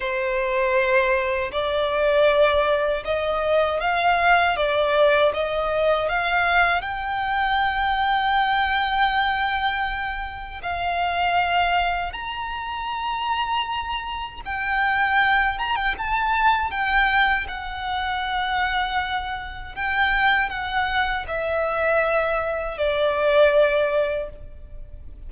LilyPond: \new Staff \with { instrumentName = "violin" } { \time 4/4 \tempo 4 = 79 c''2 d''2 | dis''4 f''4 d''4 dis''4 | f''4 g''2.~ | g''2 f''2 |
ais''2. g''4~ | g''8 ais''16 g''16 a''4 g''4 fis''4~ | fis''2 g''4 fis''4 | e''2 d''2 | }